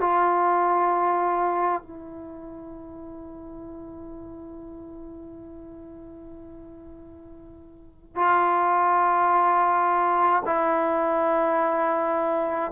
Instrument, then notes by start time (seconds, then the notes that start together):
trombone
0.00 F4
1.82 E4
8.15 F4
10.45 E4